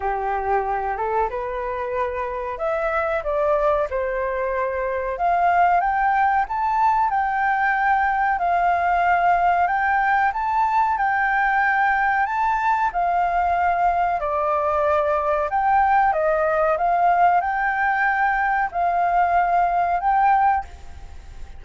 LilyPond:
\new Staff \with { instrumentName = "flute" } { \time 4/4 \tempo 4 = 93 g'4. a'8 b'2 | e''4 d''4 c''2 | f''4 g''4 a''4 g''4~ | g''4 f''2 g''4 |
a''4 g''2 a''4 | f''2 d''2 | g''4 dis''4 f''4 g''4~ | g''4 f''2 g''4 | }